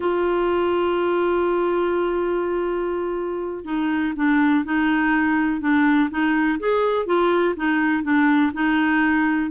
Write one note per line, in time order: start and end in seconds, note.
0.00 3.65 F4
3.65 4.13 D#4
4.16 4.65 D4
4.65 5.60 D#4
5.60 6.09 D4
6.10 6.59 D#4
6.59 7.06 G#4
7.06 7.55 F4
7.56 8.03 D#4
8.03 8.51 D4
8.53 9.50 D#4